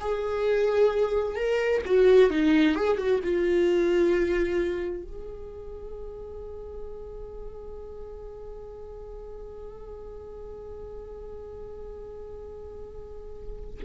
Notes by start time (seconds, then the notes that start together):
0.00 G#4
1.36 A#4
1.85 F#4
2.30 D#4
2.75 G#4
2.97 F#4
3.23 F4
5.03 G#4